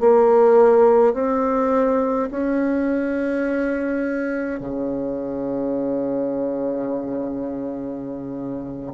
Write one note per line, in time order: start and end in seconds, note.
0.00 1.14 A#3
1.14 2.29 C4
2.31 4.60 C#4
4.60 8.93 C#3